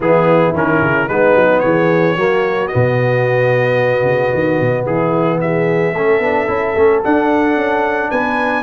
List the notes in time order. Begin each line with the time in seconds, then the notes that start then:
0.00 E3 B3 E4 G#4
0.53 D#3 C#4 A#4
0.82 C#3
1.08 G#3 B3 D#4 B4
1.35 F#3
1.59 E3 G#4 C#5
2.16 F#3 A#3 F#4
2.67 B3 D#5
2.74 B2
4.02 C#3
4.33 D#3
4.60 B2
4.85 E3 E4 G#4
5.40 G#4 E5
5.93 A3 C#4 A4
6.19 B3 D4
6.47 C#4 E4
6.76 A3 C#4
7.04 D4 F#5
7.56 C#4
8.10 B3 B4 G#5